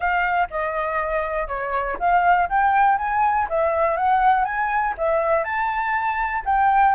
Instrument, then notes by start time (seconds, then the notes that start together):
flute
0.00 F5
0.50 D#5
1.47 C#5
1.99 F5
2.49 G5
2.98 G#5
3.49 E5
3.96 F#5
4.44 G#5
4.97 E5
5.44 A5
6.45 G5